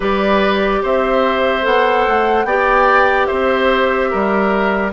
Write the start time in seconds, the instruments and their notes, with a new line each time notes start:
0.00 bassoon G3, clarinet G4, oboe B4, flute D5
0.82 bassoon C4, oboe C5, flute E5
1.62 bassoon B3, clarinet A4, flute F#5
2.07 bassoon A3
2.44 bassoon B3, clarinet G4, oboe D5, flute G5
3.26 bassoon C4, oboe C5, flute E5
4.10 bassoon G3, oboe A#4